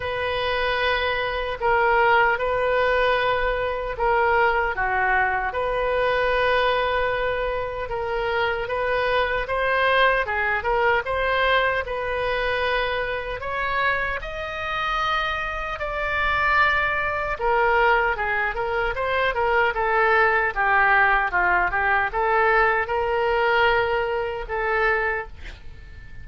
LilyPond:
\new Staff \with { instrumentName = "oboe" } { \time 4/4 \tempo 4 = 76 b'2 ais'4 b'4~ | b'4 ais'4 fis'4 b'4~ | b'2 ais'4 b'4 | c''4 gis'8 ais'8 c''4 b'4~ |
b'4 cis''4 dis''2 | d''2 ais'4 gis'8 ais'8 | c''8 ais'8 a'4 g'4 f'8 g'8 | a'4 ais'2 a'4 | }